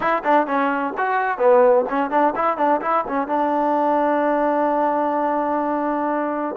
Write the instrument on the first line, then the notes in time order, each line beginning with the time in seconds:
trombone
0.00 E4
0.23 D4
0.46 C#4
0.97 F#4
1.38 B3
1.89 C#4
2.10 D4
2.35 E4
2.57 D4
2.81 E4
3.07 C#4
3.27 D4